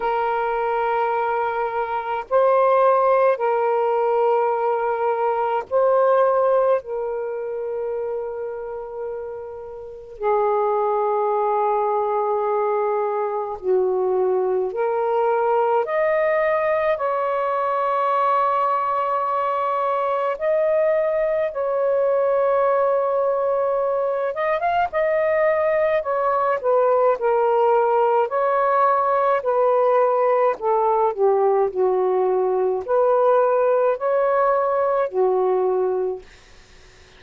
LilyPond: \new Staff \with { instrumentName = "saxophone" } { \time 4/4 \tempo 4 = 53 ais'2 c''4 ais'4~ | ais'4 c''4 ais'2~ | ais'4 gis'2. | fis'4 ais'4 dis''4 cis''4~ |
cis''2 dis''4 cis''4~ | cis''4. dis''16 f''16 dis''4 cis''8 b'8 | ais'4 cis''4 b'4 a'8 g'8 | fis'4 b'4 cis''4 fis'4 | }